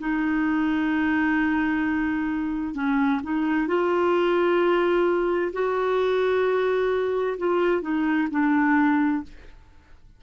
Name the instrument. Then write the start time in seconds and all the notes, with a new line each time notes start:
clarinet
0.00 D#4
2.75 C#4
3.23 D#4
3.68 F4
5.53 F#4
7.38 F4
7.82 D#4
8.31 D4